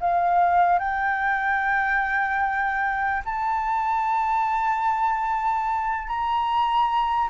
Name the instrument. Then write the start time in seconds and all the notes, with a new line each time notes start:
flute
0.00 F5
0.79 G5
3.25 A5
6.07 A#5